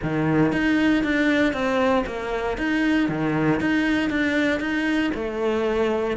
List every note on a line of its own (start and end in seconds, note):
0.03 0.52 D#3
0.52 1.03 D#4
1.03 1.53 D4
1.53 2.04 C4
2.06 2.57 A#3
2.57 3.08 D#4
3.09 3.60 D#3
3.60 4.10 D#4
4.10 4.59 D4
4.59 5.11 D#4
5.14 6.17 A3